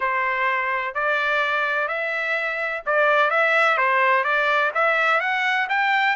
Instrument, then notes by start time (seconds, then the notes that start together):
trumpet
0.00 C5
0.94 D5
1.87 E5
2.86 D5
3.30 E5
3.77 C5
4.24 D5
4.74 E5
5.20 F#5
5.69 G5